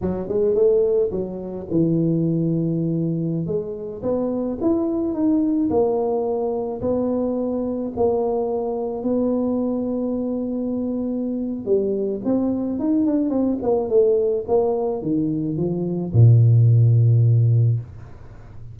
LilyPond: \new Staff \with { instrumentName = "tuba" } { \time 4/4 \tempo 4 = 108 fis8 gis8 a4 fis4 e4~ | e2~ e16 gis4 b8.~ | b16 e'4 dis'4 ais4.~ ais16~ | ais16 b2 ais4.~ ais16~ |
ais16 b2.~ b8.~ | b4 g4 c'4 dis'8 d'8 | c'8 ais8 a4 ais4 dis4 | f4 ais,2. | }